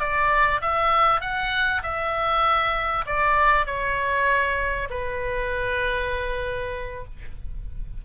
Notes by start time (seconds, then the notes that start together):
0.00 D5
0.62 E5
1.21 F#5
1.83 E5
3.06 D5
3.67 C#5
4.90 B4